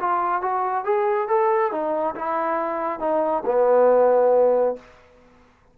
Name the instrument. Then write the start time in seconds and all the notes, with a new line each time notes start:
trombone
0.00 F4
0.42 F#4
0.84 G#4
1.28 A4
1.71 D#4
2.15 E4
3.00 D#4
3.46 B3